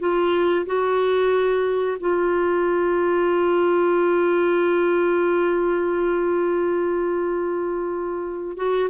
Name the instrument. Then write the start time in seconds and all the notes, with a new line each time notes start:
clarinet
0.00 F4
0.66 F#4
2.00 F4
8.57 F#4